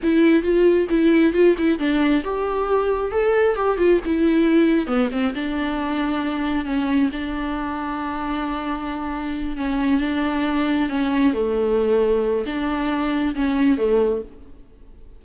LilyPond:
\new Staff \with { instrumentName = "viola" } { \time 4/4 \tempo 4 = 135 e'4 f'4 e'4 f'8 e'8 | d'4 g'2 a'4 | g'8 f'8 e'2 b8 c'8 | d'2. cis'4 |
d'1~ | d'4. cis'4 d'4.~ | d'8 cis'4 a2~ a8 | d'2 cis'4 a4 | }